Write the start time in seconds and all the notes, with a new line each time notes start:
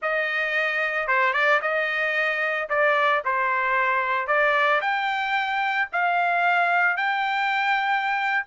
0.01 D#5
1.07 C5
1.33 D5
1.61 D#5
2.69 D5
3.24 C5
4.27 D5
4.81 G5
5.92 F5
6.96 G5